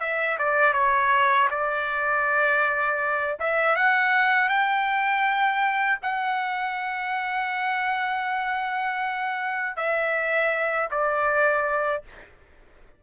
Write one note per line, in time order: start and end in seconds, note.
0.00 0.38 E5
0.39 0.73 D5
0.73 1.48 C#5
1.50 3.38 D5
3.40 3.76 E5
3.76 4.49 F#5
4.49 5.99 G5
6.02 9.76 F#5
9.76 10.89 E5
10.91 12.03 D5